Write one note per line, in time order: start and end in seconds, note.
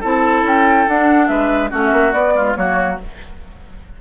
0.00 0.43 C4
0.00 0.87 E4
0.00 1.27 A4
0.00 0.45 A5
0.43 0.85 C#4
0.43 0.88 G5
0.88 1.29 D4
0.88 1.70 D4
0.88 1.27 F#5
1.27 1.71 G#3
1.27 1.70 B4
1.27 1.70 E5
1.70 1.92 A3
1.70 2.12 C#4
1.70 2.33 F#4
1.70 1.83 F#5
1.85 2.12 E5
1.92 2.12 A#3
2.12 2.55 B3
2.12 2.35 B3
2.12 2.54 D5
2.35 2.55 G#3
2.35 2.56 F4
2.55 2.99 F#3
2.55 2.98 A#3
2.55 3.01 F#4
2.55 2.98 C#5